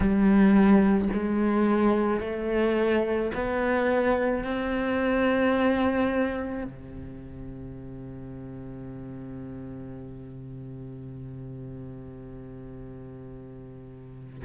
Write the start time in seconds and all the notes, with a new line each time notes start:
0.00 G3
1.13 G#3
2.20 A3
3.34 B3
4.43 C4
6.64 C3